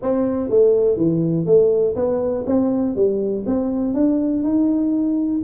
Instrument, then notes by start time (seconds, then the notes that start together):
tuba
0.01 C4
0.49 A3
0.97 E3
1.46 A3
1.95 B3
2.46 C4
2.95 G3
3.46 C4
3.94 D4
4.43 D#4